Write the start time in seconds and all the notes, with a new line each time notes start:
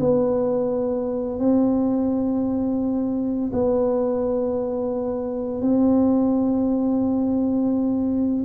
0.00 B3
1.40 C4
3.53 B3
5.62 C4